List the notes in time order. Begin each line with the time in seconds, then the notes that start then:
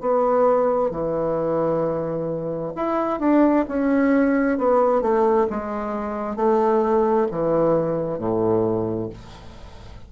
0.00 B3
0.90 E3
2.75 E4
3.19 D4
3.68 C#4
4.57 B3
5.01 A3
5.50 G#3
6.36 A3
7.31 E3
8.18 A2